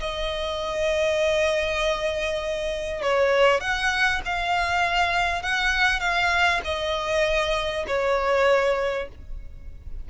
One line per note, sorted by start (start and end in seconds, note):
0.00 3.02 D#5
3.02 3.61 C#5
3.61 4.21 F#5
4.25 5.43 F5
5.43 6.00 F#5
6.00 6.61 F5
6.65 7.86 D#5
7.88 9.09 C#5